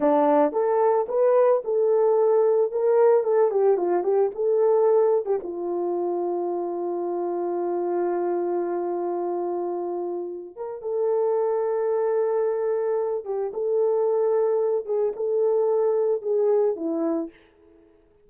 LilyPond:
\new Staff \with { instrumentName = "horn" } { \time 4/4 \tempo 4 = 111 d'4 a'4 b'4 a'4~ | a'4 ais'4 a'8 g'8 f'8 g'8 | a'4.~ a'16 g'16 f'2~ | f'1~ |
f'2.~ f'8 ais'8 | a'1~ | a'8 g'8 a'2~ a'8 gis'8 | a'2 gis'4 e'4 | }